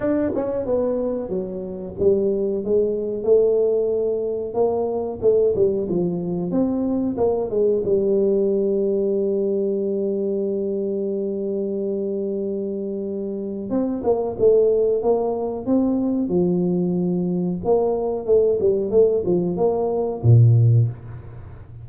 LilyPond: \new Staff \with { instrumentName = "tuba" } { \time 4/4 \tempo 4 = 92 d'8 cis'8 b4 fis4 g4 | gis4 a2 ais4 | a8 g8 f4 c'4 ais8 gis8 | g1~ |
g1~ | g4 c'8 ais8 a4 ais4 | c'4 f2 ais4 | a8 g8 a8 f8 ais4 ais,4 | }